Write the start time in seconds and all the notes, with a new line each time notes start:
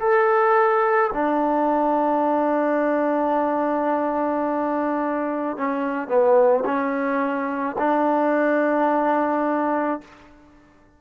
0.00 A4
1.14 D4
5.58 C#4
6.08 B3
6.65 C#4
7.78 D4